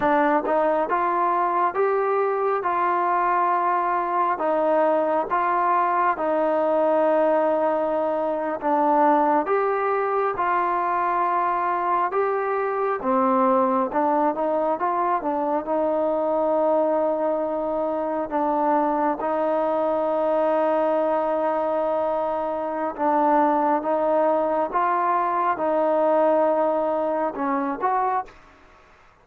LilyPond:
\new Staff \with { instrumentName = "trombone" } { \time 4/4 \tempo 4 = 68 d'8 dis'8 f'4 g'4 f'4~ | f'4 dis'4 f'4 dis'4~ | dis'4.~ dis'16 d'4 g'4 f'16~ | f'4.~ f'16 g'4 c'4 d'16~ |
d'16 dis'8 f'8 d'8 dis'2~ dis'16~ | dis'8. d'4 dis'2~ dis'16~ | dis'2 d'4 dis'4 | f'4 dis'2 cis'8 fis'8 | }